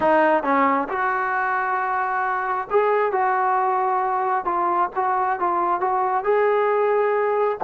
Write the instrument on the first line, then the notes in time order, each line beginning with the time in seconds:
trombone
0.00 D#4
0.43 C#4
0.89 F#4
2.70 G#4
3.12 F#4
4.45 F4
4.95 F#4
5.39 F4
5.80 F#4
6.24 G#4